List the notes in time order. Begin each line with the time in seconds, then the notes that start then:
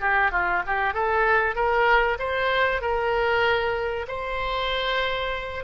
0.00 G4
0.31 F4
0.66 G4
0.93 A4
1.55 A#4
2.19 C5
2.81 A#4
4.07 C5